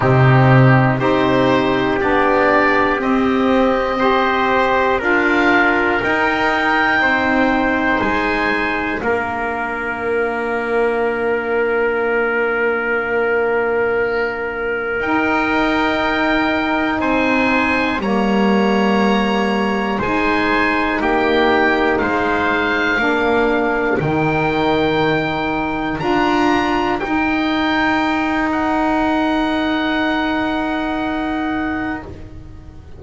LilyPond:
<<
  \new Staff \with { instrumentName = "oboe" } { \time 4/4 \tempo 4 = 60 g'4 c''4 d''4 dis''4~ | dis''4 f''4 g''2 | gis''4 f''2.~ | f''2. g''4~ |
g''4 gis''4 ais''2 | gis''4 g''4 f''2 | g''2 ais''4 g''4~ | g''8 fis''2.~ fis''8 | }
  \new Staff \with { instrumentName = "trumpet" } { \time 4/4 dis'4 g'2. | c''4 ais'2 c''4~ | c''4 ais'2.~ | ais'1~ |
ais'4 c''4 cis''2 | c''4 g'4 c''4 ais'4~ | ais'1~ | ais'1 | }
  \new Staff \with { instrumentName = "saxophone" } { \time 4/4 c'4 dis'4 d'4 c'4 | g'4 f'4 dis'2~ | dis'4 d'2.~ | d'2. dis'4~ |
dis'2 ais2 | dis'2. d'4 | dis'2 f'4 dis'4~ | dis'1 | }
  \new Staff \with { instrumentName = "double bass" } { \time 4/4 c4 c'4 b4 c'4~ | c'4 d'4 dis'4 c'4 | gis4 ais2.~ | ais2. dis'4~ |
dis'4 c'4 g2 | gis4 ais4 gis4 ais4 | dis2 d'4 dis'4~ | dis'1 | }
>>